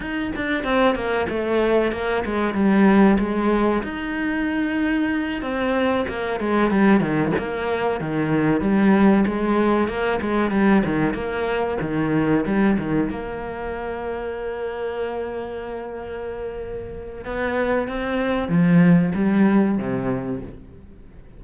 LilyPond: \new Staff \with { instrumentName = "cello" } { \time 4/4 \tempo 4 = 94 dis'8 d'8 c'8 ais8 a4 ais8 gis8 | g4 gis4 dis'2~ | dis'8 c'4 ais8 gis8 g8 dis8 ais8~ | ais8 dis4 g4 gis4 ais8 |
gis8 g8 dis8 ais4 dis4 g8 | dis8 ais2.~ ais8~ | ais2. b4 | c'4 f4 g4 c4 | }